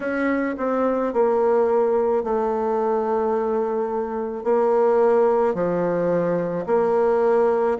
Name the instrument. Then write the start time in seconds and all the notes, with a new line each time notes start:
bassoon
0.00 C#4
0.57 C4
1.13 A#3
2.23 A3
4.43 A#3
5.54 F3
6.66 A#3